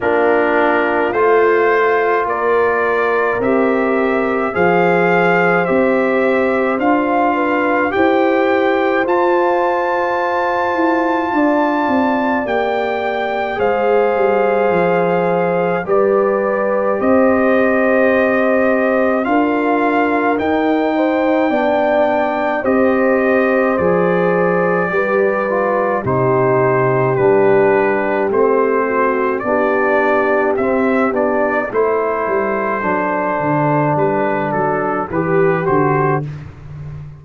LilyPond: <<
  \new Staff \with { instrumentName = "trumpet" } { \time 4/4 \tempo 4 = 53 ais'4 c''4 d''4 e''4 | f''4 e''4 f''4 g''4 | a''2. g''4 | f''2 d''4 dis''4~ |
dis''4 f''4 g''2 | dis''4 d''2 c''4 | b'4 c''4 d''4 e''8 d''8 | c''2 b'8 a'8 b'8 c''8 | }
  \new Staff \with { instrumentName = "horn" } { \time 4/4 f'2 ais'2 | c''2~ c''8 b'8 c''4~ | c''2 d''2 | c''2 b'4 c''4~ |
c''4 ais'4. c''8 d''4 | c''2 b'4 g'4~ | g'4. fis'8 g'2 | a'2. g'4 | }
  \new Staff \with { instrumentName = "trombone" } { \time 4/4 d'4 f'2 g'4 | gis'4 g'4 f'4 g'4 | f'2. g'4 | gis'2 g'2~ |
g'4 f'4 dis'4 d'4 | g'4 gis'4 g'8 f'8 dis'4 | d'4 c'4 d'4 c'8 d'8 | e'4 d'2 g'8 fis'8 | }
  \new Staff \with { instrumentName = "tuba" } { \time 4/4 ais4 a4 ais4 c'4 | f4 c'4 d'4 e'4 | f'4. e'8 d'8 c'8 ais4 | gis8 g8 f4 g4 c'4~ |
c'4 d'4 dis'4 b4 | c'4 f4 g4 c4 | g4 a4 b4 c'8 b8 | a8 g8 fis8 d8 g8 fis8 e8 d8 | }
>>